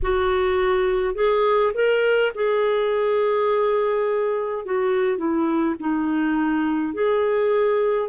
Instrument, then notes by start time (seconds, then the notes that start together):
clarinet
0.02 F#4
1.14 G#4
1.74 A#4
2.34 G#4
4.65 F#4
5.17 E4
5.80 D#4
6.93 G#4